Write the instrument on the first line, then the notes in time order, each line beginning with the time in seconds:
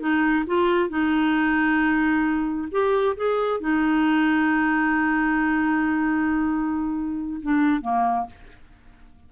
clarinet
0.00 D#4
0.47 F4
0.89 D#4
2.72 G4
3.17 G#4
3.60 D#4
7.42 D4
7.82 A#3